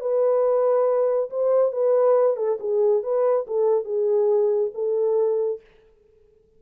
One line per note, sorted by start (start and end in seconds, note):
0.00 1.29 B4
1.30 1.72 C5
1.72 2.36 B4
2.36 2.58 A4
2.59 3.03 G#4
3.03 3.46 B4
3.47 3.84 A4
3.84 4.71 G#4
4.74 5.60 A4